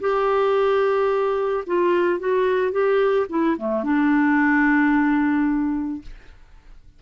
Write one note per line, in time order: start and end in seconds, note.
0.00 1.64 G4
1.66 2.19 F4
2.19 2.71 F#4
2.71 3.26 G4
3.29 3.57 E4
3.57 3.83 A3
3.83 6.01 D4